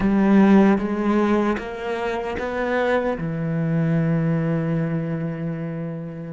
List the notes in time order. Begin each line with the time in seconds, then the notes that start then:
0.00 G3
0.78 G#3
1.58 A#3
2.38 B3
3.18 E3